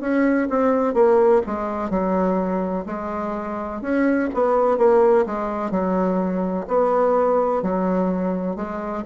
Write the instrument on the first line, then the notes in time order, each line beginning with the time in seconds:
bassoon
0.00 C#4
0.49 C4
0.94 A#3
1.46 G#3
1.90 F#3
2.86 G#3
3.81 C#4
4.34 B3
4.77 A#3
5.26 G#3
5.71 F#3
6.68 B3
7.62 F#3
8.56 G#3